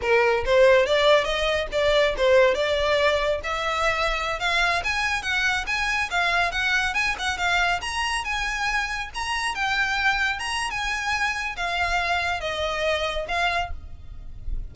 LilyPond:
\new Staff \with { instrumentName = "violin" } { \time 4/4 \tempo 4 = 140 ais'4 c''4 d''4 dis''4 | d''4 c''4 d''2 | e''2~ e''16 f''4 gis''8.~ | gis''16 fis''4 gis''4 f''4 fis''8.~ |
fis''16 gis''8 fis''8 f''4 ais''4 gis''8.~ | gis''4~ gis''16 ais''4 g''4.~ g''16~ | g''16 ais''8. gis''2 f''4~ | f''4 dis''2 f''4 | }